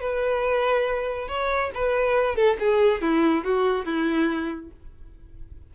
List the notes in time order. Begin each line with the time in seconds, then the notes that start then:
0.00 B4
1.28 C#5
1.74 B4
2.35 A4
2.59 G#4
3.01 E4
3.44 F#4
3.85 E4